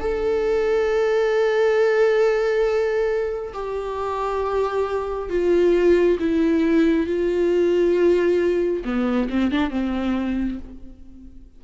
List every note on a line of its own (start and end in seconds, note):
0.00 3.53 A4
3.53 5.29 G4
5.29 6.18 F4
6.20 7.07 E4
7.07 8.83 F4
8.84 9.28 B3
9.30 9.51 C4
9.51 9.70 D4
9.70 10.58 C4